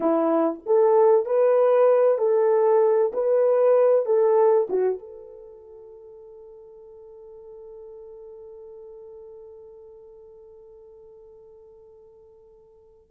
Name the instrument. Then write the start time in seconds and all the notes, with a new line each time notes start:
horn
0.00 E4
0.66 A4
1.25 B4
2.18 A4
3.13 B4
4.05 A4
4.69 F#4
4.98 A4